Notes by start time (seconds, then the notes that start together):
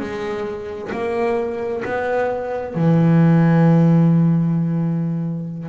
0.00 G#3
0.92 A#3
1.85 B3
2.75 E3